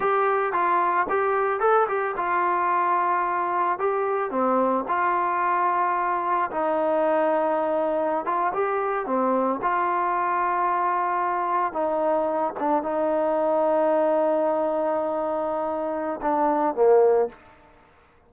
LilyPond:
\new Staff \with { instrumentName = "trombone" } { \time 4/4 \tempo 4 = 111 g'4 f'4 g'4 a'8 g'8 | f'2. g'4 | c'4 f'2. | dis'2.~ dis'16 f'8 g'16~ |
g'8. c'4 f'2~ f'16~ | f'4.~ f'16 dis'4. d'8 dis'16~ | dis'1~ | dis'2 d'4 ais4 | }